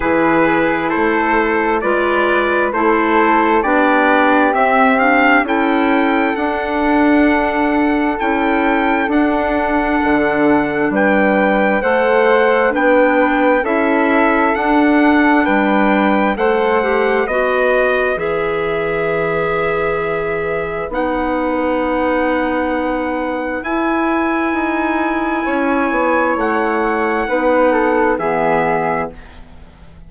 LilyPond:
<<
  \new Staff \with { instrumentName = "trumpet" } { \time 4/4 \tempo 4 = 66 b'4 c''4 d''4 c''4 | d''4 e''8 f''8 g''4 fis''4~ | fis''4 g''4 fis''2 | g''4 fis''4 g''4 e''4 |
fis''4 g''4 fis''4 dis''4 | e''2. fis''4~ | fis''2 gis''2~ | gis''4 fis''2 e''4 | }
  \new Staff \with { instrumentName = "flute" } { \time 4/4 gis'4 a'4 b'4 a'4 | g'2 a'2~ | a'1 | b'4 c''4 b'4 a'4~ |
a'4 b'4 c''4 b'4~ | b'1~ | b'1 | cis''2 b'8 a'8 gis'4 | }
  \new Staff \with { instrumentName = "clarinet" } { \time 4/4 e'2 f'4 e'4 | d'4 c'8 d'8 e'4 d'4~ | d'4 e'4 d'2~ | d'4 a'4 d'4 e'4 |
d'2 a'8 g'8 fis'4 | gis'2. dis'4~ | dis'2 e'2~ | e'2 dis'4 b4 | }
  \new Staff \with { instrumentName = "bassoon" } { \time 4/4 e4 a4 gis4 a4 | b4 c'4 cis'4 d'4~ | d'4 cis'4 d'4 d4 | g4 a4 b4 cis'4 |
d'4 g4 a4 b4 | e2. b4~ | b2 e'4 dis'4 | cis'8 b8 a4 b4 e4 | }
>>